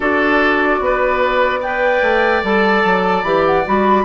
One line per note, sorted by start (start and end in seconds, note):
0.00 0.79 D4
0.00 1.60 F#4
0.00 0.79 A4
0.00 1.61 D5
0.79 2.01 B3
0.79 1.60 B4
1.60 2.43 B4
1.60 4.03 D5
1.60 2.43 G5
2.02 2.42 A3
2.43 2.83 G3
2.43 3.24 A4
2.43 3.22 A5
2.84 3.23 F#3
3.22 3.64 E3
3.22 3.65 G4
3.22 3.43 B5
3.45 3.66 F#5
3.65 4.05 G3
3.65 4.05 F#4
3.65 4.05 B5